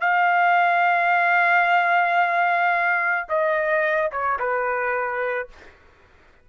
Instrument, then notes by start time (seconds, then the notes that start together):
trumpet
0.00 F5
3.29 D#5
4.11 C#5
4.39 B4